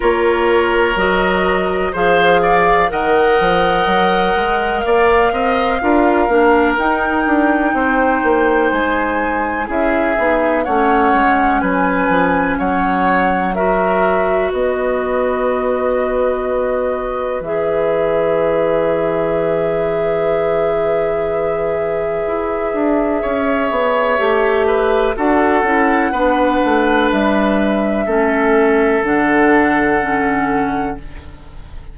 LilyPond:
<<
  \new Staff \with { instrumentName = "flute" } { \time 4/4 \tempo 4 = 62 cis''4 dis''4 f''4 fis''4~ | fis''4 f''2 g''4~ | g''4 gis''4 e''4 fis''4 | gis''4 fis''4 e''4 dis''4~ |
dis''2 e''2~ | e''1~ | e''2 fis''2 | e''2 fis''2 | }
  \new Staff \with { instrumentName = "oboe" } { \time 4/4 ais'2 c''8 d''8 dis''4~ | dis''4 d''8 dis''8 ais'2 | c''2 gis'4 cis''4 | b'4 cis''4 ais'4 b'4~ |
b'1~ | b'1 | cis''4. b'8 a'4 b'4~ | b'4 a'2. | }
  \new Staff \with { instrumentName = "clarinet" } { \time 4/4 f'4 fis'4 gis'4 ais'4~ | ais'2 f'8 d'8 dis'4~ | dis'2 e'8 dis'8 cis'4~ | cis'2 fis'2~ |
fis'2 gis'2~ | gis'1~ | gis'4 g'4 fis'8 e'8 d'4~ | d'4 cis'4 d'4 cis'4 | }
  \new Staff \with { instrumentName = "bassoon" } { \time 4/4 ais4 fis4 f4 dis8 f8 | fis8 gis8 ais8 c'8 d'8 ais8 dis'8 d'8 | c'8 ais8 gis4 cis'8 b8 a8 gis8 | fis8 f8 fis2 b4~ |
b2 e2~ | e2. e'8 d'8 | cis'8 b8 a4 d'8 cis'8 b8 a8 | g4 a4 d2 | }
>>